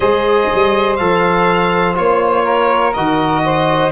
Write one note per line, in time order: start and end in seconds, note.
0.00 0.49 G#3
0.00 0.98 G#4
0.00 2.43 C5
0.00 0.96 D#5
0.54 1.00 G3
0.96 1.98 F3
0.96 1.94 A4
0.96 1.94 F5
1.94 2.96 A#3
1.94 2.93 F4
1.94 2.93 C#5
2.43 3.41 A#4
2.93 3.91 D#3
2.93 3.91 F#4
2.93 3.91 D#5
3.44 3.91 C5